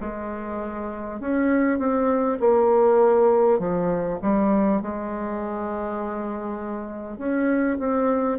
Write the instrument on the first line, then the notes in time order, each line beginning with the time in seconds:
bassoon
0.00 G#3
1.21 C#4
1.79 C4
2.39 A#3
3.59 F3
4.22 G3
4.82 G#3
7.18 C#4
7.79 C4